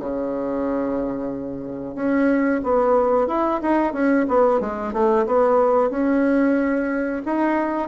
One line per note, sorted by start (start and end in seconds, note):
0.00 1.96 C#3
1.96 2.62 C#4
2.64 3.28 B3
3.28 3.61 E4
3.62 3.94 D#4
3.94 4.26 C#4
4.29 4.61 B3
4.61 4.94 G#3
4.94 5.27 A3
5.27 5.91 B3
5.91 7.23 C#4
7.26 7.89 D#4